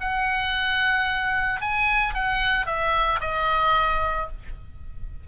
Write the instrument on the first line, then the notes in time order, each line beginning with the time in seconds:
oboe
0.00 F#5
1.61 G#5
2.14 F#5
2.66 E5
3.20 D#5